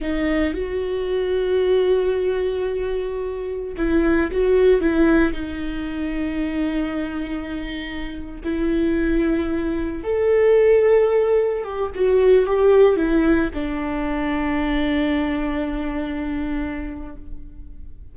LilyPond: \new Staff \with { instrumentName = "viola" } { \time 4/4 \tempo 4 = 112 dis'4 fis'2.~ | fis'2. e'4 | fis'4 e'4 dis'2~ | dis'2.~ dis'8. e'16~ |
e'2~ e'8. a'4~ a'16~ | a'4.~ a'16 g'8 fis'4 g'8.~ | g'16 e'4 d'2~ d'8.~ | d'1 | }